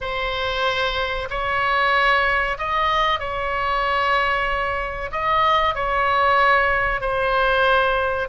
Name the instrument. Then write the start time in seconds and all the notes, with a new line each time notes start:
oboe
0.00 C5
1.30 C#5
2.58 D#5
3.19 C#5
5.11 D#5
5.74 C#5
7.01 C5